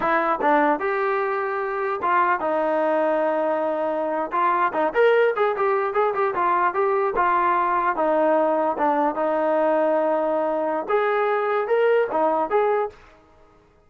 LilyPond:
\new Staff \with { instrumentName = "trombone" } { \time 4/4 \tempo 4 = 149 e'4 d'4 g'2~ | g'4 f'4 dis'2~ | dis'2~ dis'8. f'4 dis'16~ | dis'16 ais'4 gis'8 g'4 gis'8 g'8 f'16~ |
f'8. g'4 f'2 dis'16~ | dis'4.~ dis'16 d'4 dis'4~ dis'16~ | dis'2. gis'4~ | gis'4 ais'4 dis'4 gis'4 | }